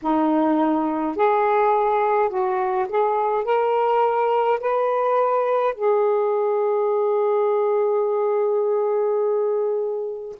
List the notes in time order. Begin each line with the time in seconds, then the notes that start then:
0.02 D#4
1.15 G#4
2.29 F#4
2.88 G#4
3.44 A#4
4.59 B4
5.74 G#4